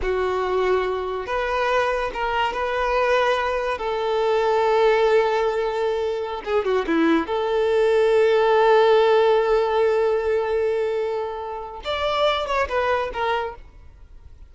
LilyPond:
\new Staff \with { instrumentName = "violin" } { \time 4/4 \tempo 4 = 142 fis'2. b'4~ | b'4 ais'4 b'2~ | b'4 a'2.~ | a'2.~ a'16 gis'8 fis'16~ |
fis'16 e'4 a'2~ a'8.~ | a'1~ | a'1 | d''4. cis''8 b'4 ais'4 | }